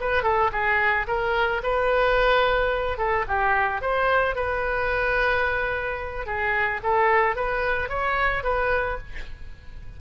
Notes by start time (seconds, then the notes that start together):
0.00 B4
0.23 A4
0.52 G#4
1.07 A#4
1.63 B4
2.98 A4
3.28 G4
3.81 C5
4.35 B4
6.26 G#4
6.83 A4
7.36 B4
7.89 C#5
8.43 B4